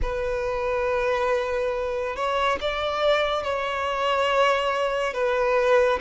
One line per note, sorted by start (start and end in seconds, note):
0.02 2.15 B4
2.15 2.58 C#5
2.60 3.43 D5
3.43 5.13 C#5
5.13 5.99 B4